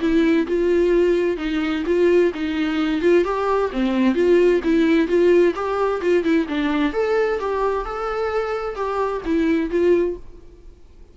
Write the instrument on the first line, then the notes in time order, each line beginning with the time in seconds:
viola
0.00 E4
0.47 F4
1.37 D#4
1.86 F4
2.34 D#4
3.01 F4
3.24 G4
3.72 C4
4.14 F4
4.64 E4
5.07 F4
5.54 G4
6.01 F4
6.23 E4
6.48 D4
6.93 A4
7.39 G4
7.85 A4
8.75 G4
9.25 E4
9.70 F4